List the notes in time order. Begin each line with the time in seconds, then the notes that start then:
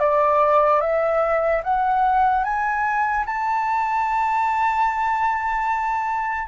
0.00 D5
0.81 E5
1.64 F#5
2.44 G#5
3.26 A5